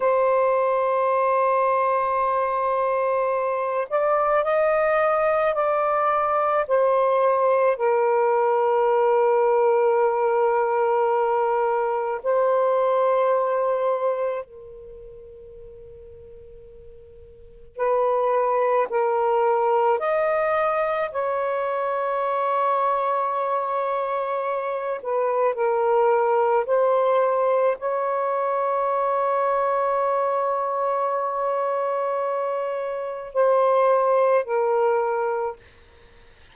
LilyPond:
\new Staff \with { instrumentName = "saxophone" } { \time 4/4 \tempo 4 = 54 c''2.~ c''8 d''8 | dis''4 d''4 c''4 ais'4~ | ais'2. c''4~ | c''4 ais'2. |
b'4 ais'4 dis''4 cis''4~ | cis''2~ cis''8 b'8 ais'4 | c''4 cis''2.~ | cis''2 c''4 ais'4 | }